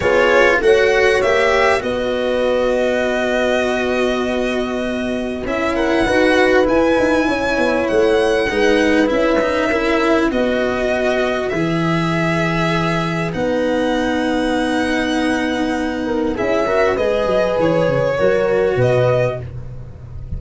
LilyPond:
<<
  \new Staff \with { instrumentName = "violin" } { \time 4/4 \tempo 4 = 99 cis''4 fis''4 e''4 dis''4~ | dis''1~ | dis''4 e''8 fis''4. gis''4~ | gis''4 fis''2 e''4~ |
e''4 dis''2 e''4~ | e''2 fis''2~ | fis''2. e''4 | dis''4 cis''2 dis''4 | }
  \new Staff \with { instrumentName = "horn" } { \time 4/4 gis'4 cis''2 b'4~ | b'1~ | b'4. ais'8 b'2 | cis''2 b'2 |
ais'4 b'2.~ | b'1~ | b'2~ b'8 ais'8 gis'8 ais'8 | b'2 ais'4 b'4 | }
  \new Staff \with { instrumentName = "cello" } { \time 4/4 f'4 fis'4 g'4 fis'4~ | fis'1~ | fis'4 e'4 fis'4 e'4~ | e'2 dis'4 e'8 dis'8 |
e'4 fis'2 gis'4~ | gis'2 dis'2~ | dis'2. e'8 fis'8 | gis'2 fis'2 | }
  \new Staff \with { instrumentName = "tuba" } { \time 4/4 b4 a4 ais4 b4~ | b1~ | b4 cis'4 dis'4 e'8 dis'8 | cis'8 b8 a4 gis4 cis'4~ |
cis'4 b2 e4~ | e2 b2~ | b2. cis'4 | gis8 fis8 e8 cis8 fis4 b,4 | }
>>